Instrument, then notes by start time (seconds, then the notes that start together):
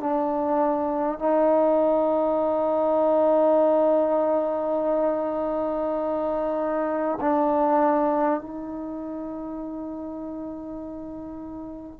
trombone
0.00 D4
1.19 D#4
7.21 D4
8.41 D#4